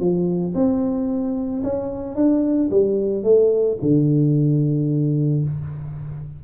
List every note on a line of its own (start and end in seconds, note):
0.00 0.54 F3
0.55 1.63 C4
1.64 2.16 C#4
2.16 2.70 D4
2.71 3.24 G3
3.24 3.78 A3
3.82 5.44 D3